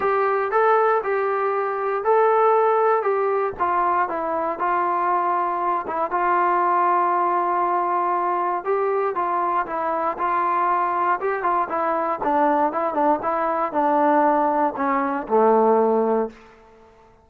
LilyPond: \new Staff \with { instrumentName = "trombone" } { \time 4/4 \tempo 4 = 118 g'4 a'4 g'2 | a'2 g'4 f'4 | e'4 f'2~ f'8 e'8 | f'1~ |
f'4 g'4 f'4 e'4 | f'2 g'8 f'8 e'4 | d'4 e'8 d'8 e'4 d'4~ | d'4 cis'4 a2 | }